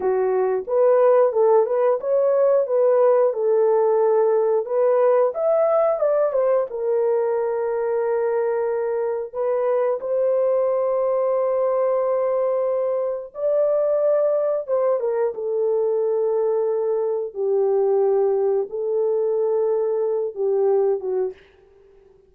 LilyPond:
\new Staff \with { instrumentName = "horn" } { \time 4/4 \tempo 4 = 90 fis'4 b'4 a'8 b'8 cis''4 | b'4 a'2 b'4 | e''4 d''8 c''8 ais'2~ | ais'2 b'4 c''4~ |
c''1 | d''2 c''8 ais'8 a'4~ | a'2 g'2 | a'2~ a'8 g'4 fis'8 | }